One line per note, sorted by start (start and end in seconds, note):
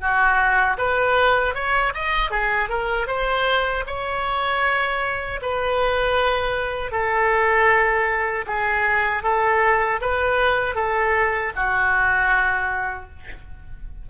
0.00 0.77 F#4
0.78 1.54 B4
1.54 1.93 C#5
1.94 2.30 D#5
2.30 2.69 G#4
2.69 3.07 A#4
3.07 3.84 C5
3.86 5.40 C#5
5.42 6.91 B4
6.91 8.45 A4
8.47 9.23 G#4
9.23 10.00 A4
10.01 10.75 B4
10.75 11.52 A4
11.56 13.09 F#4